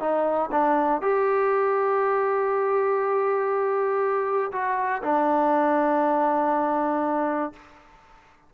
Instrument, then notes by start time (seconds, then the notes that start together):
trombone
0.00 D#4
0.51 D4
1.01 G4
4.52 F#4
5.03 D4